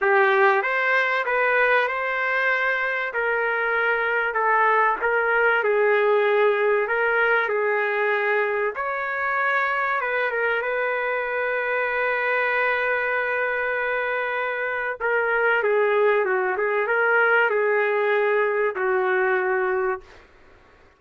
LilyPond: \new Staff \with { instrumentName = "trumpet" } { \time 4/4 \tempo 4 = 96 g'4 c''4 b'4 c''4~ | c''4 ais'2 a'4 | ais'4 gis'2 ais'4 | gis'2 cis''2 |
b'8 ais'8 b'2.~ | b'1 | ais'4 gis'4 fis'8 gis'8 ais'4 | gis'2 fis'2 | }